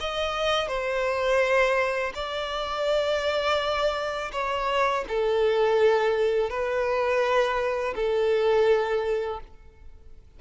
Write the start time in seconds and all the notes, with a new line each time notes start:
0.00 D#5
0.68 C5
2.14 D5
4.32 C#5
5.08 A4
6.49 B4
7.96 A4